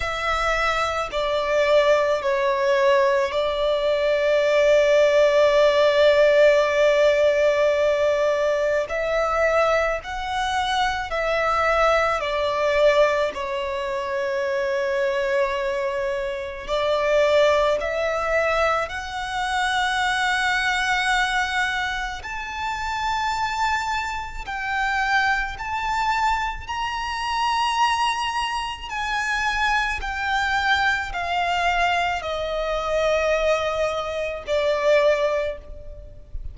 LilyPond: \new Staff \with { instrumentName = "violin" } { \time 4/4 \tempo 4 = 54 e''4 d''4 cis''4 d''4~ | d''1 | e''4 fis''4 e''4 d''4 | cis''2. d''4 |
e''4 fis''2. | a''2 g''4 a''4 | ais''2 gis''4 g''4 | f''4 dis''2 d''4 | }